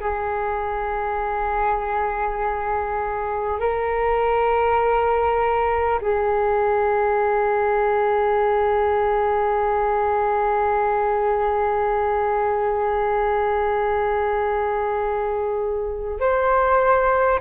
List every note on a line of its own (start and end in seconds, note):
0.00 3.60 G#4
3.60 6.00 A#4
6.02 16.21 G#4
16.21 17.41 C5